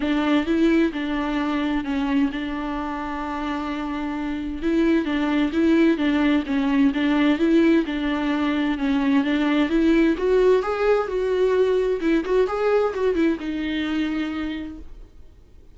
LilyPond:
\new Staff \with { instrumentName = "viola" } { \time 4/4 \tempo 4 = 130 d'4 e'4 d'2 | cis'4 d'2.~ | d'2 e'4 d'4 | e'4 d'4 cis'4 d'4 |
e'4 d'2 cis'4 | d'4 e'4 fis'4 gis'4 | fis'2 e'8 fis'8 gis'4 | fis'8 e'8 dis'2. | }